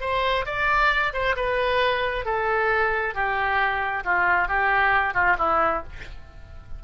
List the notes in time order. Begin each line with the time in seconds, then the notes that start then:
0.00 C5
0.45 D5
1.13 C5
1.36 B4
2.25 A4
3.14 G4
4.04 F4
4.48 G4
5.14 F4
5.38 E4